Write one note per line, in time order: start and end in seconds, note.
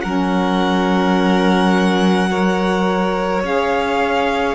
0.00 3.43 F#3
0.00 2.29 C#4
0.00 2.29 A#4
0.00 3.40 F#5
2.29 3.43 A#4
2.29 4.54 C#5
3.43 4.54 C#4
3.43 4.54 G#4
3.43 4.54 F5